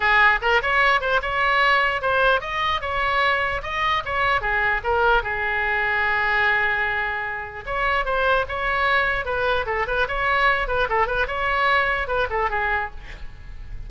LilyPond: \new Staff \with { instrumentName = "oboe" } { \time 4/4 \tempo 4 = 149 gis'4 ais'8 cis''4 c''8 cis''4~ | cis''4 c''4 dis''4 cis''4~ | cis''4 dis''4 cis''4 gis'4 | ais'4 gis'2.~ |
gis'2. cis''4 | c''4 cis''2 b'4 | a'8 b'8 cis''4. b'8 a'8 b'8 | cis''2 b'8 a'8 gis'4 | }